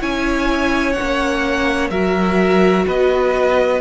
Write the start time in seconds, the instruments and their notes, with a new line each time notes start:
0.00 cello C#4, viola E4, violin C#5 G#5
0.93 viola C#4, violin F#5
1.02 cello A#3
1.90 cello F#3, viola F#4, violin A#4 E5
2.87 cello B3, violin B4 D#5